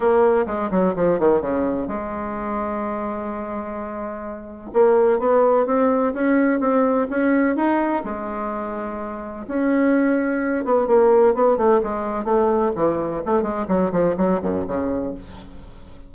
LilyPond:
\new Staff \with { instrumentName = "bassoon" } { \time 4/4 \tempo 4 = 127 ais4 gis8 fis8 f8 dis8 cis4 | gis1~ | gis2 ais4 b4 | c'4 cis'4 c'4 cis'4 |
dis'4 gis2. | cis'2~ cis'8 b8 ais4 | b8 a8 gis4 a4 e4 | a8 gis8 fis8 f8 fis8 fis,8 cis4 | }